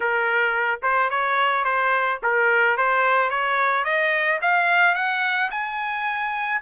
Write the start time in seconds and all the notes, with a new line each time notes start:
0.00 A#4
0.82 C5
1.09 C#5
1.64 C5
2.22 A#4
2.77 C5
3.30 C#5
3.84 D#5
4.41 F5
4.94 F#5
5.50 G#5